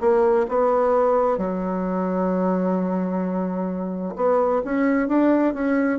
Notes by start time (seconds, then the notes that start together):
0.00 A#3
0.49 B3
1.38 F#3
4.16 B3
4.64 C#4
5.09 D4
5.54 C#4